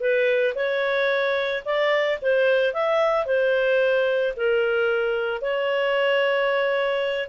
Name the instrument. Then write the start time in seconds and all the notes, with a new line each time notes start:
clarinet
0.00 B4
0.55 C#5
1.65 D5
2.22 C5
2.73 E5
3.26 C5
4.37 A#4
5.41 C#5